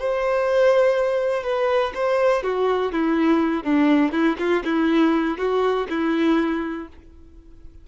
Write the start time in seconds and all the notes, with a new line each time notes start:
0.00 C5
1.44 B4
1.95 C5
2.43 F#4
2.93 E4
3.64 D4
4.12 E4
4.39 F4
4.65 E4
5.38 F#4
5.90 E4